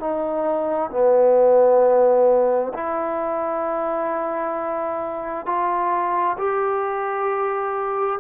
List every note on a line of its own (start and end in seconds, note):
0.00 0.91 D#4
0.91 2.73 B3
2.74 5.46 E4
5.46 6.37 F4
6.38 8.20 G4